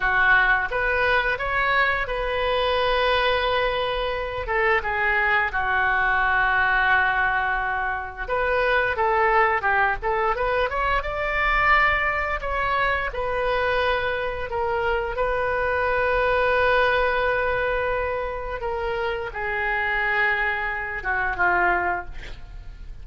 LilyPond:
\new Staff \with { instrumentName = "oboe" } { \time 4/4 \tempo 4 = 87 fis'4 b'4 cis''4 b'4~ | b'2~ b'8 a'8 gis'4 | fis'1 | b'4 a'4 g'8 a'8 b'8 cis''8 |
d''2 cis''4 b'4~ | b'4 ais'4 b'2~ | b'2. ais'4 | gis'2~ gis'8 fis'8 f'4 | }